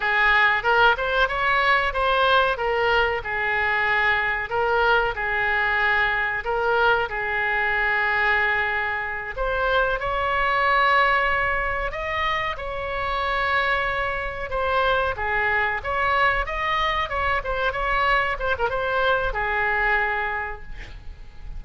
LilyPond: \new Staff \with { instrumentName = "oboe" } { \time 4/4 \tempo 4 = 93 gis'4 ais'8 c''8 cis''4 c''4 | ais'4 gis'2 ais'4 | gis'2 ais'4 gis'4~ | gis'2~ gis'8 c''4 cis''8~ |
cis''2~ cis''8 dis''4 cis''8~ | cis''2~ cis''8 c''4 gis'8~ | gis'8 cis''4 dis''4 cis''8 c''8 cis''8~ | cis''8 c''16 ais'16 c''4 gis'2 | }